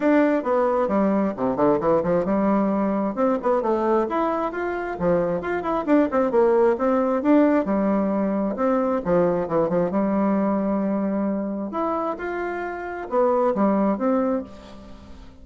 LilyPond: \new Staff \with { instrumentName = "bassoon" } { \time 4/4 \tempo 4 = 133 d'4 b4 g4 c8 d8 | e8 f8 g2 c'8 b8 | a4 e'4 f'4 f4 | f'8 e'8 d'8 c'8 ais4 c'4 |
d'4 g2 c'4 | f4 e8 f8 g2~ | g2 e'4 f'4~ | f'4 b4 g4 c'4 | }